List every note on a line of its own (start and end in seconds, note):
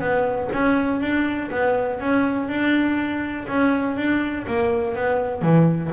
0.00 0.49 B3
0.53 1.01 C#4
1.01 1.50 D4
1.51 2.00 B3
2.00 2.48 C#4
2.48 3.47 D4
3.48 3.97 C#4
3.97 4.46 D4
4.47 4.95 A#3
4.95 5.42 B3
5.42 5.91 E3